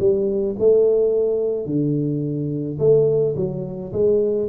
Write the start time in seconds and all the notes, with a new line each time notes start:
0.00 G3
0.59 A3
1.66 D3
2.79 A3
3.36 F#3
3.93 G#3